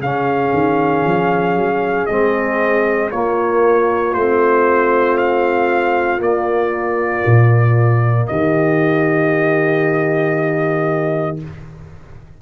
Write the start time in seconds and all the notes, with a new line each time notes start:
0.00 C#3 C#4 G#4 F5
0.54 D#3
1.05 F3
1.56 F#3
2.06 G#3 C4 D#5
3.11 A#3 F4 C#5
4.15 A3 C4 C5
5.18 F5
6.19 A#3 D5
7.26 A#2
8.27 D#3 G4 D#5